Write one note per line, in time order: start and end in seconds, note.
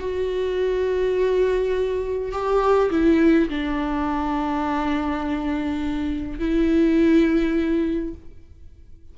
0.00 2.32 F#4
2.32 2.91 G4
2.91 3.49 E4
3.50 6.40 D4
6.40 8.15 E4